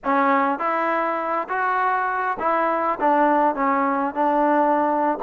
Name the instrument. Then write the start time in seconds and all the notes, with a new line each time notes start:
trombone
0.04 C#4
0.58 E4
1.48 F#4
2.39 E4
3.00 D4
3.55 C#4
4.14 D4